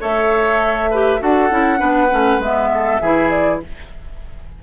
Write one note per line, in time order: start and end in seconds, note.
0.00 1.21 A3
0.00 0.90 A4
0.00 0.90 C#5
0.00 1.22 E5
0.90 1.19 G4
0.90 1.20 B4
1.19 1.50 D4
1.19 1.49 F#4
1.19 1.79 A4
1.19 2.42 F#5
1.50 1.80 C#4
1.50 1.77 E4
1.77 2.11 B3
1.77 2.07 D4
1.77 2.69 B4
2.10 2.39 A3
2.10 2.40 C#4
2.39 2.99 G#3
2.39 3.02 B3
2.39 3.30 E5
2.73 3.01 A4
3.01 3.62 E3
3.01 3.63 E4
3.01 3.61 G#4
3.30 3.60 D5